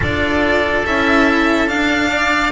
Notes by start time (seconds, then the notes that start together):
0.00 D4 F4 A4 D5
0.85 C#4 E4 E5
1.67 D4 F5
2.10 D5